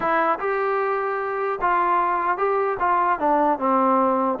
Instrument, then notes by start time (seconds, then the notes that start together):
trombone
0.00 E4
0.39 G4
1.61 F4
2.37 G4
2.79 F4
3.19 D4
3.58 C4